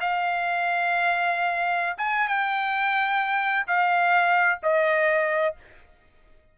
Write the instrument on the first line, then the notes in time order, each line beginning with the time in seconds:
trumpet
0.00 F5
1.97 G#5
2.28 G5
3.67 F5
4.62 D#5